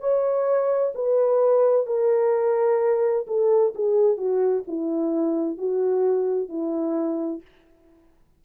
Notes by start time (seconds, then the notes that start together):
0.00 C#5
0.95 B4
1.87 A#4
3.27 A4
3.75 G#4
4.17 F#4
4.67 E4
5.58 F#4
6.49 E4